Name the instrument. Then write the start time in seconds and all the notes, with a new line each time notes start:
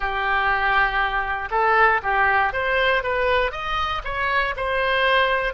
oboe
0.00 G4
1.50 A4
2.02 G4
2.52 C5
3.03 B4
3.51 D#5
4.04 C#5
4.56 C5